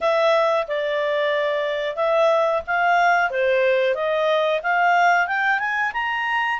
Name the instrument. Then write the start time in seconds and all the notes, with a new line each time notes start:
clarinet
0.00 E5
0.67 D5
1.96 E5
2.66 F5
3.30 C5
3.94 D#5
4.62 F5
5.27 G5
5.59 G#5
5.93 A#5